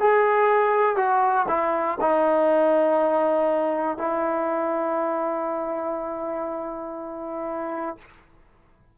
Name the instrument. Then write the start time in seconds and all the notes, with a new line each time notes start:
trombone
0.00 G#4
0.96 F#4
1.48 E4
2.00 D#4
3.97 E4